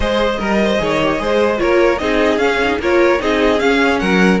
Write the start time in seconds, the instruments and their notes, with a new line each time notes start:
0.00 cello G#3, viola G#4, violin C5 D#5
0.39 cello G3, violin A#4, viola A#4
0.64 violin C5
0.78 cello D#3, viola G#4, violin C#5
1.02 viola G4
1.18 cello G#3, viola G#4, violin C5
1.57 cello A#3, viola F4, violin A#4 C#5
1.98 cello C4, viola D#4, violin G#4 D#5
2.38 cello C#4, viola C#4, violin F5
2.63 viola D#4
2.79 cello A#3, viola F4, violin A#4 C#5
3.18 cello C4, viola D#4, violin G#4 D#5
3.59 viola C#4, cello C#4, violin F5
3.99 cello F#3, violin A#4 F#5